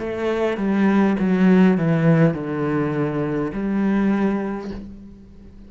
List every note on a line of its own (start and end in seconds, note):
0.00 0.57 A3
0.57 1.16 G3
1.19 1.78 F#3
1.78 2.34 E3
2.34 3.51 D3
3.53 4.71 G3